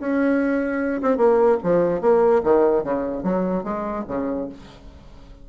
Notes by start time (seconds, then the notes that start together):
0.00 C#4
1.02 C4
1.18 A#3
1.64 F3
2.02 A#3
2.44 D#3
2.84 C#3
3.24 F#3
3.64 G#3
4.08 C#3